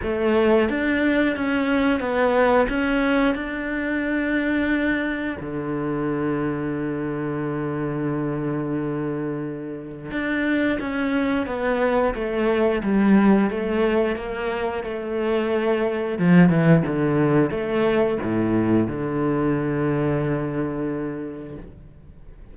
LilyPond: \new Staff \with { instrumentName = "cello" } { \time 4/4 \tempo 4 = 89 a4 d'4 cis'4 b4 | cis'4 d'2. | d1~ | d2. d'4 |
cis'4 b4 a4 g4 | a4 ais4 a2 | f8 e8 d4 a4 a,4 | d1 | }